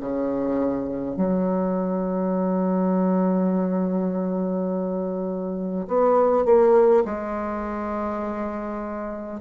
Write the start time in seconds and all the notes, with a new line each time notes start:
0.00 C#3
1.17 F#3
5.88 B3
6.45 A#3
7.05 G#3